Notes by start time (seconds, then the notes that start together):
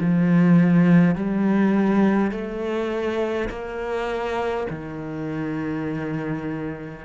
0.00 F3
1.16 G3
2.32 A3
3.49 A#3
4.70 D#3